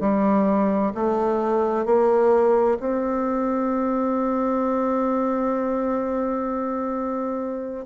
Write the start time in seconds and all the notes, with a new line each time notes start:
0.00 G3
0.94 A3
1.85 A#3
2.79 C4